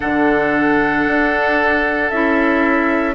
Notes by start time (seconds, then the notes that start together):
0.00 D3 D4 A4 F#5
1.06 D4
2.10 C#4 E4 E5